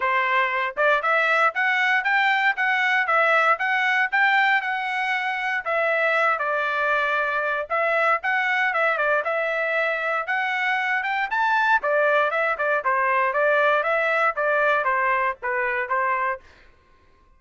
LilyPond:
\new Staff \with { instrumentName = "trumpet" } { \time 4/4 \tempo 4 = 117 c''4. d''8 e''4 fis''4 | g''4 fis''4 e''4 fis''4 | g''4 fis''2 e''4~ | e''8 d''2~ d''8 e''4 |
fis''4 e''8 d''8 e''2 | fis''4. g''8 a''4 d''4 | e''8 d''8 c''4 d''4 e''4 | d''4 c''4 b'4 c''4 | }